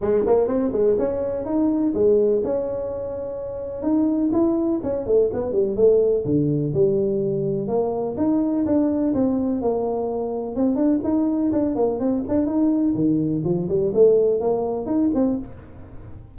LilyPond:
\new Staff \with { instrumentName = "tuba" } { \time 4/4 \tempo 4 = 125 gis8 ais8 c'8 gis8 cis'4 dis'4 | gis4 cis'2. | dis'4 e'4 cis'8 a8 b8 g8 | a4 d4 g2 |
ais4 dis'4 d'4 c'4 | ais2 c'8 d'8 dis'4 | d'8 ais8 c'8 d'8 dis'4 dis4 | f8 g8 a4 ais4 dis'8 c'8 | }